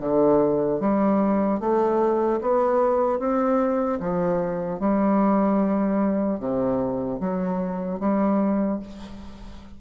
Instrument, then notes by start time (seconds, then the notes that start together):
bassoon
0.00 D3
0.80 G3
1.60 A3
2.41 B3
3.19 C4
4.00 F3
4.80 G3
6.40 C3
7.20 F#3
8.00 G3